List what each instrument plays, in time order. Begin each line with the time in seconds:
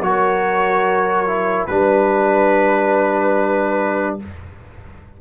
0.00 tuba F#3, trombone F#4, horn A#4, trumpet C#5
1.27 trombone E4
1.66 tuba G3, trombone D4, trumpet B4, horn B4